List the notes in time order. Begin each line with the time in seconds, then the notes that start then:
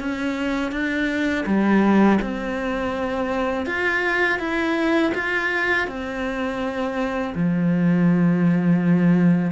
0.00 C#4
0.72 D4
1.46 G3
2.22 C4
3.66 F4
4.39 E4
5.15 F4
5.88 C4
7.35 F3